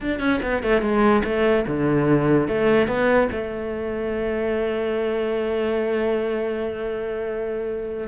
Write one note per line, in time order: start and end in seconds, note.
0.00 0.19 D4
0.19 0.40 C#4
0.42 0.63 B3
0.63 0.81 A3
0.81 1.22 G#3
1.24 1.65 A3
1.67 2.48 D3
2.48 2.87 A3
2.87 3.29 B3
3.31 8.07 A3